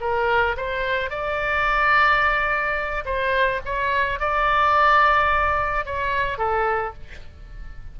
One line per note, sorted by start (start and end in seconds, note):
0.00 0.56 A#4
0.57 1.10 C5
1.10 3.04 D5
3.05 3.61 C5
3.65 4.19 C#5
4.19 5.86 D5
5.86 6.38 C#5
6.38 6.93 A4